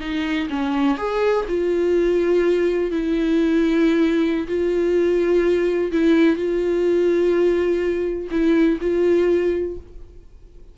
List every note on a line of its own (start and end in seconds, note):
0.00 0.48 D#4
0.50 0.97 C#4
0.97 1.45 G#4
1.48 2.91 F4
2.91 4.47 E4
4.47 5.91 F4
5.92 6.36 E4
6.36 8.28 F4
8.31 8.79 E4
8.81 9.77 F4